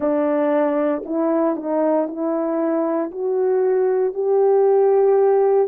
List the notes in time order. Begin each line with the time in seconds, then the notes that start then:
0.00 D4
1.05 E4
1.56 D#4
2.07 E4
3.11 F#4
4.14 G4